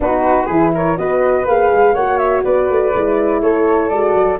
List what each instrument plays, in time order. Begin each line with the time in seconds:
0.00 tuba B3, horn D#4, flute F#4 B4
0.46 tuba E3, horn E4, flute G#4
0.74 flute A#4 C#5
0.97 tuba B3, horn F#4, flute B4 D#5
1.45 tuba A#3, horn G#4, flute F5
1.72 tuba G#3
1.94 tuba A#3, horn F#4, flute C#5 F#5
2.18 flute E5
2.43 tuba B3, flute B4 D5
2.69 tuba A3
2.94 tuba G#3, horn E4
3.41 tuba A3, flute A4 C#5
3.89 tuba G#3, horn F#4, flute D5
4.14 tuba F#3